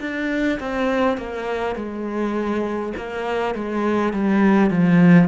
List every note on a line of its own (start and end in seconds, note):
0.00 0.59 D4
0.59 1.17 C4
1.17 1.75 A#3
1.75 2.93 G#3
2.97 3.54 A#3
3.54 4.12 G#3
4.12 4.70 G3
4.70 5.28 F3